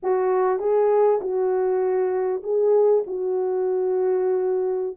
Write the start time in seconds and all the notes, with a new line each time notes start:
0.02 F#4
0.59 G#4
1.21 F#4
2.43 G#4
3.07 F#4